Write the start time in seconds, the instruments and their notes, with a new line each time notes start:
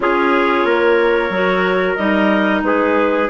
0.00 bassoon C#4, clarinet F4 C#5, trumpet G#4
0.65 bassoon A#3, trumpet A#4
1.29 bassoon F#3, clarinet F#4
1.95 bassoon G3, clarinet D#4 D#5
2.62 bassoon G#3, trumpet G#4, clarinet B4